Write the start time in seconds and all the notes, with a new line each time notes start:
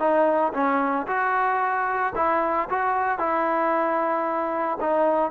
0.00 D#4
0.54 C#4
1.07 F#4
2.16 E4
2.70 F#4
3.19 E4
4.81 D#4